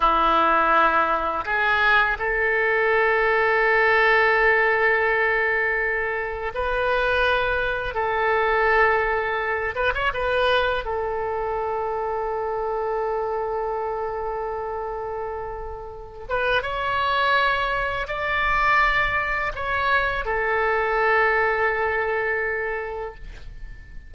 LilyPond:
\new Staff \with { instrumentName = "oboe" } { \time 4/4 \tempo 4 = 83 e'2 gis'4 a'4~ | a'1~ | a'4 b'2 a'4~ | a'4. b'16 cis''16 b'4 a'4~ |
a'1~ | a'2~ a'8 b'8 cis''4~ | cis''4 d''2 cis''4 | a'1 | }